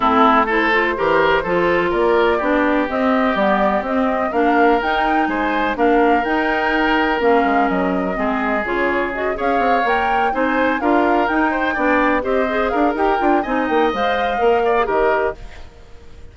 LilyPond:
<<
  \new Staff \with { instrumentName = "flute" } { \time 4/4 \tempo 4 = 125 a'4 c''2. | d''2 dis''4 d''4 | dis''4 f''4 g''4 gis''4 | f''4 g''2 f''4 |
dis''2 cis''4 dis''8 f''8~ | f''8 g''4 gis''4 f''4 g''8~ | g''4. dis''4 f''8 g''4 | gis''8 g''8 f''2 dis''4 | }
  \new Staff \with { instrumentName = "oboe" } { \time 4/4 e'4 a'4 ais'4 a'4 | ais'4 g'2.~ | g'4 ais'2 c''4 | ais'1~ |
ais'4 gis'2~ gis'8 cis''8~ | cis''4. c''4 ais'4. | c''8 d''4 c''4 ais'4. | dis''2~ dis''8 d''8 ais'4 | }
  \new Staff \with { instrumentName = "clarinet" } { \time 4/4 c'4 e'8 f'8 g'4 f'4~ | f'4 d'4 c'4 b4 | c'4 d'4 dis'2 | d'4 dis'2 cis'4~ |
cis'4 c'4 f'4 fis'8 gis'8~ | gis'8 ais'4 dis'4 f'4 dis'8~ | dis'8 d'4 g'8 gis'4 g'8 f'8 | dis'4 c''4 ais'8. gis'16 g'4 | }
  \new Staff \with { instrumentName = "bassoon" } { \time 4/4 a2 e4 f4 | ais4 b4 c'4 g4 | c'4 ais4 dis'4 gis4 | ais4 dis'2 ais8 gis8 |
fis4 gis4 cis4. cis'8 | c'8 ais4 c'4 d'4 dis'8~ | dis'8 b4 c'4 d'8 dis'8 d'8 | c'8 ais8 gis4 ais4 dis4 | }
>>